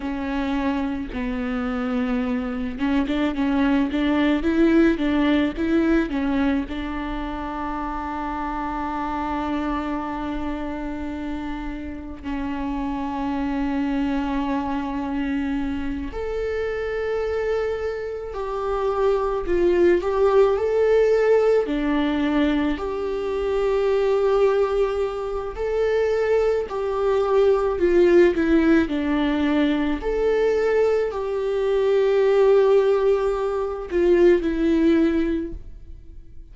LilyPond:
\new Staff \with { instrumentName = "viola" } { \time 4/4 \tempo 4 = 54 cis'4 b4. cis'16 d'16 cis'8 d'8 | e'8 d'8 e'8 cis'8 d'2~ | d'2. cis'4~ | cis'2~ cis'8 a'4.~ |
a'8 g'4 f'8 g'8 a'4 d'8~ | d'8 g'2~ g'8 a'4 | g'4 f'8 e'8 d'4 a'4 | g'2~ g'8 f'8 e'4 | }